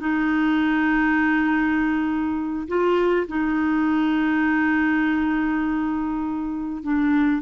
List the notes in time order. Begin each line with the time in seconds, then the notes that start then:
0.00 D#4
2.68 F4
3.28 D#4
6.83 D4